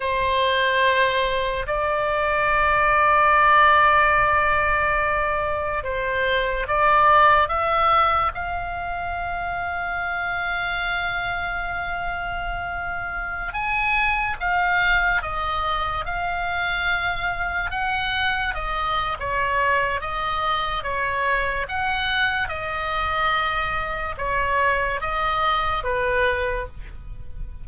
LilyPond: \new Staff \with { instrumentName = "oboe" } { \time 4/4 \tempo 4 = 72 c''2 d''2~ | d''2. c''4 | d''4 e''4 f''2~ | f''1~ |
f''16 gis''4 f''4 dis''4 f''8.~ | f''4~ f''16 fis''4 dis''8. cis''4 | dis''4 cis''4 fis''4 dis''4~ | dis''4 cis''4 dis''4 b'4 | }